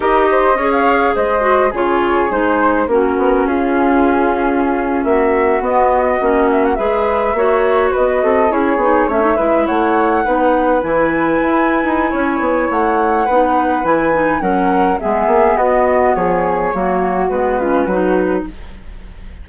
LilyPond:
<<
  \new Staff \with { instrumentName = "flute" } { \time 4/4 \tempo 4 = 104 dis''4~ dis''16 f''8. dis''4 cis''4 | c''4 ais'4 gis'2~ | gis'8. e''4 dis''4. e''16 fis''16 e''16~ | e''4.~ e''16 dis''4 cis''4 e''16~ |
e''8. fis''2 gis''4~ gis''16~ | gis''2 fis''2 | gis''4 fis''4 e''4 dis''4 | cis''2 b'2 | }
  \new Staff \with { instrumentName = "flute" } { \time 4/4 ais'8 c''8 cis''4 c''4 gis'4~ | gis'4 fis'4 f'2~ | f'8. fis'2. b'16~ | b'8. cis''4 b'8 a'8 gis'4 cis''16~ |
cis''16 b'8 cis''4 b'2~ b'16~ | b'4 cis''2 b'4~ | b'4 ais'4 gis'4 fis'4 | gis'4 fis'4. f'8 fis'4 | }
  \new Staff \with { instrumentName = "clarinet" } { \time 4/4 g'4 gis'4. fis'8 f'4 | dis'4 cis'2.~ | cis'4.~ cis'16 b4 cis'4 gis'16~ | gis'8. fis'2 e'8 dis'8 cis'16 |
dis'16 e'4. dis'4 e'4~ e'16~ | e'2. dis'4 | e'8 dis'8 cis'4 b2~ | b4 ais4 b8 cis'8 dis'4 | }
  \new Staff \with { instrumentName = "bassoon" } { \time 4/4 dis'4 cis'4 gis4 cis4 | gis4 ais8 b8 cis'2~ | cis'8. ais4 b4 ais4 gis16~ | gis8. ais4 b8 c'8 cis'8 b8 a16~ |
a16 gis8 a4 b4 e4 e'16~ | e'8 dis'8 cis'8 b8 a4 b4 | e4 fis4 gis8 ais8 b4 | f4 fis4 gis4 fis4 | }
>>